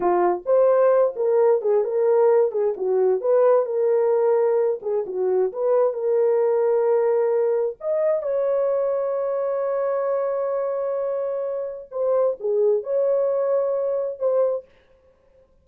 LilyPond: \new Staff \with { instrumentName = "horn" } { \time 4/4 \tempo 4 = 131 f'4 c''4. ais'4 gis'8 | ais'4. gis'8 fis'4 b'4 | ais'2~ ais'8 gis'8 fis'4 | b'4 ais'2.~ |
ais'4 dis''4 cis''2~ | cis''1~ | cis''2 c''4 gis'4 | cis''2. c''4 | }